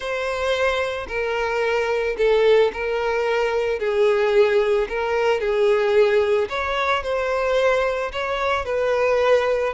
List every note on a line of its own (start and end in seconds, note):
0.00 1.07 C5
1.08 2.16 A#4
2.17 2.71 A4
2.73 3.79 A#4
3.79 4.87 G#4
4.88 5.40 A#4
5.40 6.48 G#4
6.49 7.03 C#5
7.03 8.11 C5
8.12 8.65 C#5
8.65 9.73 B4